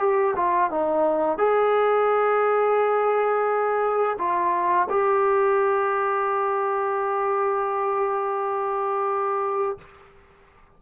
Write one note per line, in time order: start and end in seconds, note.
0.00 0.35 G4
0.36 0.71 F4
0.71 1.38 D#4
1.38 4.17 G#4
4.19 4.89 F4
4.90 9.78 G4